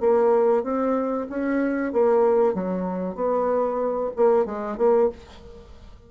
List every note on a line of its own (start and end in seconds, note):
0.00 0.63 A#3
0.63 1.27 C4
1.29 1.93 C#4
1.93 2.54 A#3
2.54 3.15 F#3
3.15 4.11 B3
4.16 4.45 A#3
4.45 4.77 G#3
4.77 5.09 A#3